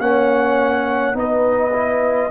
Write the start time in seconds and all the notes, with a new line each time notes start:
0.00 A#3 C#4 C#5 F#5
1.14 B3 D#4 B4 D#5
1.74 E4